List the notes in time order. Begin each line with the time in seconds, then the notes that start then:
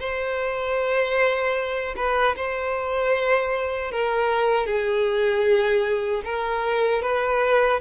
0.00 C5
1.97 B4
2.36 C5
3.91 A#4
4.66 G#4
6.25 A#4
7.02 B4